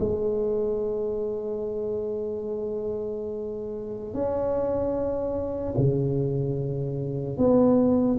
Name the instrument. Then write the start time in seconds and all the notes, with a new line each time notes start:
tuba
0.00 G#3
4.15 C#4
5.78 C#3
7.38 B3